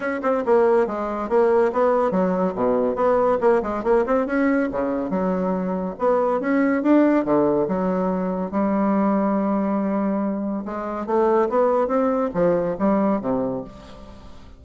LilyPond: \new Staff \with { instrumentName = "bassoon" } { \time 4/4 \tempo 4 = 141 cis'8 c'8 ais4 gis4 ais4 | b4 fis4 b,4 b4 | ais8 gis8 ais8 c'8 cis'4 cis4 | fis2 b4 cis'4 |
d'4 d4 fis2 | g1~ | g4 gis4 a4 b4 | c'4 f4 g4 c4 | }